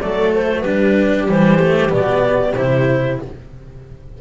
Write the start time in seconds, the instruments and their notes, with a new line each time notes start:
0.00 double bass F#3, cello A3, viola A4, clarinet D5
0.34 clarinet C5
0.61 double bass G3, cello D4, viola G4, clarinet B4
1.28 double bass E3, cello G3, clarinet C5
1.59 cello A3
1.89 double bass B2, cello B3, clarinet D5
2.55 double bass C3, cello E4, clarinet C5